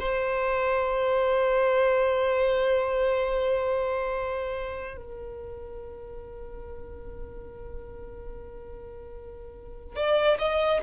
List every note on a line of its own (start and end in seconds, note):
0.00 4.97 C5
4.97 9.96 A#4
9.96 10.37 D5
10.39 10.80 D#5